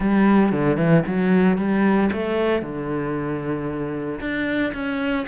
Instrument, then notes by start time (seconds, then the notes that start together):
cello
0.00 G3
0.51 D3
0.77 E3
1.06 F#3
1.57 G3
2.12 A3
2.62 D3
4.20 D4
4.73 C#4